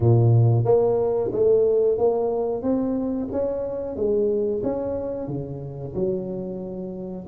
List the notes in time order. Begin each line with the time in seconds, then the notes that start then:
0.00 A#2
0.64 A#3
1.32 A3
1.98 A#3
2.62 C4
3.32 C#4
3.96 G#3
4.63 C#4
5.27 C#3
5.94 F#3